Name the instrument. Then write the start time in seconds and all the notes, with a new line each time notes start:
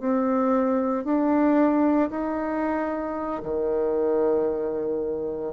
bassoon
0.00 C4
1.05 D4
2.10 D#4
3.43 D#3